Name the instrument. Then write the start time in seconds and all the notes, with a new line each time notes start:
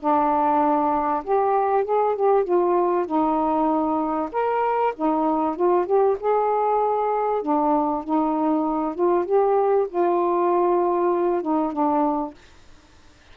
saxophone
0.00 D4
1.24 G4
1.85 G#4
2.16 G4
2.44 F4
3.06 D#4
4.32 A#4
4.96 D#4
5.56 F4
5.86 G4
6.20 G#4
7.42 D4
8.04 D#4
8.95 F4
9.26 G4
9.89 F4
11.42 D#4
11.72 D4